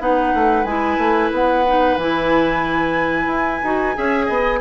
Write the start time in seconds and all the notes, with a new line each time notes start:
0.00 B3 D#4 B4 F#5
0.34 A3
0.65 G#3 E4 G#5
0.98 A3
1.32 B3 F#5
1.67 D#4
1.97 E3 E4 G#5
3.27 E4
3.64 D#4 F#4
3.95 C#4 G#4 E5
4.26 B3 D#5